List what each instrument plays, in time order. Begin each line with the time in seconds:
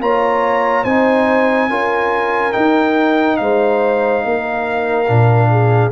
0.00 tuba A#3, trombone F4, horn C#5, trumpet A#5
0.84 tuba C4, trombone D#4, horn C5, trumpet G#5
1.69 tuba C#4, trombone F4, horn A#4
2.52 trombone D#4, tuba D#4, trumpet G5
3.37 tuba G#3, horn C5, trumpet F5
4.25 tuba A#3, horn A#4
5.07 tuba A#2, trombone D4
5.50 horn G#4